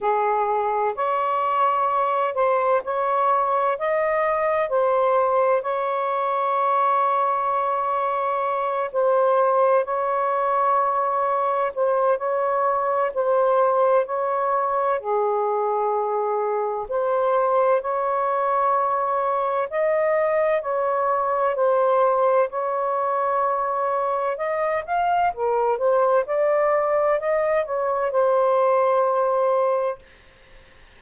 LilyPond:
\new Staff \with { instrumentName = "saxophone" } { \time 4/4 \tempo 4 = 64 gis'4 cis''4. c''8 cis''4 | dis''4 c''4 cis''2~ | cis''4. c''4 cis''4.~ | cis''8 c''8 cis''4 c''4 cis''4 |
gis'2 c''4 cis''4~ | cis''4 dis''4 cis''4 c''4 | cis''2 dis''8 f''8 ais'8 c''8 | d''4 dis''8 cis''8 c''2 | }